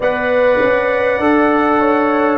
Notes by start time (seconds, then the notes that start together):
0.00 B3 B4 D5 F#5
0.60 C#4
1.18 D4 A4
1.79 C#5